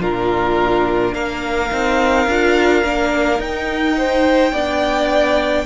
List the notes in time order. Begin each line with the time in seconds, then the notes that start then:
0.00 A#2 D4 F4 A#4
1.14 A#3 A#4 F5
1.71 C4 D#4
2.27 D4 F4
2.84 A#3 D4
3.38 D#4 G5
3.97 C5
4.52 B3 D4 D5